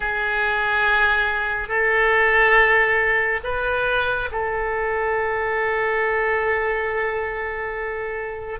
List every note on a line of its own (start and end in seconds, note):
0.00 1.68 G#4
1.68 3.39 A4
3.43 4.29 B4
4.31 8.59 A4